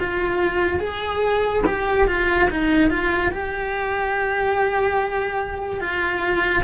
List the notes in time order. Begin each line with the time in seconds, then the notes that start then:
0.00 F4
0.80 G#4
1.66 G4
2.07 F4
2.50 D#4
2.90 F4
3.31 G4
5.80 F4